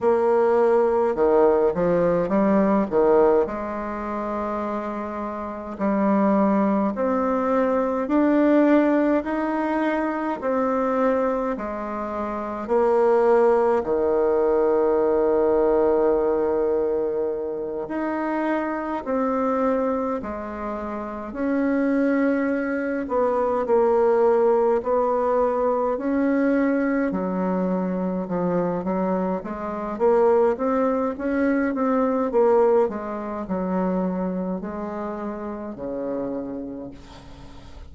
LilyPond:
\new Staff \with { instrumentName = "bassoon" } { \time 4/4 \tempo 4 = 52 ais4 dis8 f8 g8 dis8 gis4~ | gis4 g4 c'4 d'4 | dis'4 c'4 gis4 ais4 | dis2.~ dis8 dis'8~ |
dis'8 c'4 gis4 cis'4. | b8 ais4 b4 cis'4 fis8~ | fis8 f8 fis8 gis8 ais8 c'8 cis'8 c'8 | ais8 gis8 fis4 gis4 cis4 | }